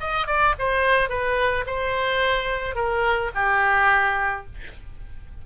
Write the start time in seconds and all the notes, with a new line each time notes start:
0.00 D#5
0.27 D5
0.59 C5
1.09 B4
1.67 C5
2.75 A#4
3.35 G4